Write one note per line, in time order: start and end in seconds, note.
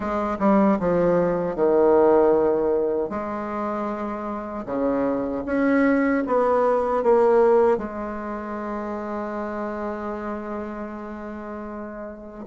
0.00 0.37 G#3
0.39 0.78 G3
0.79 1.55 F3
1.55 3.09 D#3
3.09 4.65 G#3
4.65 5.43 C#3
5.45 6.23 C#4
6.26 7.03 B3
7.03 7.77 A#3
7.77 12.45 G#3